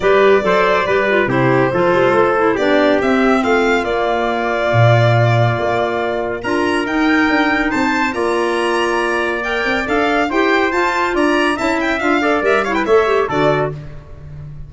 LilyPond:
<<
  \new Staff \with { instrumentName = "violin" } { \time 4/4 \tempo 4 = 140 d''2. c''4~ | c''2 d''4 e''4 | f''4 d''2.~ | d''2. ais''4 |
g''2 a''4 ais''4~ | ais''2 g''4 f''4 | g''4 a''4 ais''4 a''8 g''8 | f''4 e''8 f''16 g''16 e''4 d''4 | }
  \new Staff \with { instrumentName = "trumpet" } { \time 4/4 b'4 c''4 b'4 g'4 | a'2 g'2 | f'1~ | f'2. ais'4~ |
ais'2 c''4 d''4~ | d''1 | c''2 d''4 e''4~ | e''8 d''4 cis''16 b'16 cis''4 a'4 | }
  \new Staff \with { instrumentName = "clarinet" } { \time 4/4 g'4 a'4 g'8 f'8 e'4 | f'4. e'8 d'4 c'4~ | c'4 ais2.~ | ais2. f'4 |
dis'2. f'4~ | f'2 ais'4 a'4 | g'4 f'2 e'4 | f'8 a'8 ais'8 e'8 a'8 g'8 fis'4 | }
  \new Staff \with { instrumentName = "tuba" } { \time 4/4 g4 fis4 g4 c4 | f8 g8 a4 b4 c'4 | a4 ais2 ais,4~ | ais,4 ais2 d'4 |
dis'4 d'4 c'4 ais4~ | ais2~ ais8 c'8 d'4 | e'4 f'4 d'4 cis'4 | d'4 g4 a4 d4 | }
>>